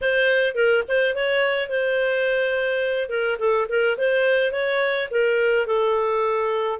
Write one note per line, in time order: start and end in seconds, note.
0.01 0.55 C5
0.55 0.83 A#4
0.88 1.15 C5
1.15 1.69 C#5
1.69 3.09 C5
3.09 3.37 A#4
3.39 3.67 A4
3.68 3.97 A#4
3.97 4.52 C5
4.52 5.08 C#5
5.10 5.66 A#4
5.66 6.79 A4